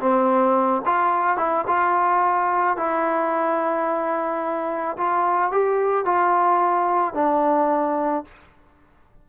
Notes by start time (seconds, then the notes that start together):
0.00 C4
0.86 F4
1.38 E4
1.67 F4
2.77 E4
4.98 F4
5.52 G4
6.06 F4
7.15 D4